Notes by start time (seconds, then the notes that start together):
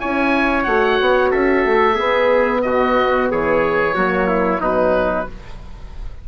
0.00 C#4 E4 C#5 G#5
0.64 A3 F#4 F#5
1.00 B3
1.31 C#4 A4 E5
1.65 A3
1.94 B3 G#4
2.62 B2 F#4 D#5
3.31 E3 G#4 C#5
3.95 F#3 A#3 F#4
4.28 E4
4.60 B2 F#3 D#4 B4